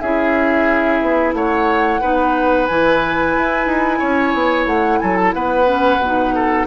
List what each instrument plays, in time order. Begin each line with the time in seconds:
0.00 bassoon C#4, clarinet E4, oboe G#4, flute E5
1.01 bassoon B3
1.33 bassoon A3, oboe C#5, flute F#5
2.01 bassoon B3, clarinet D#4, oboe B4
2.66 bassoon E3, clarinet E4, flute G#5
3.37 bassoon E4
3.66 bassoon D#4
3.99 bassoon C#4, oboe C#5
4.34 bassoon B3
4.66 bassoon A3, flute F#5
5.00 bassoon F#3, oboe A4, flute G#5
5.16 flute A5
5.34 bassoon B3, oboe B4, flute F#5
5.66 clarinet C#4
5.99 bassoon B2
6.06 clarinet D#4
6.35 oboe A4